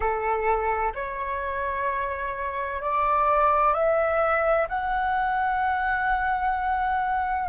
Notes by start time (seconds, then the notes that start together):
0.00 A4
0.94 C#5
2.81 D5
3.73 E5
4.69 F#5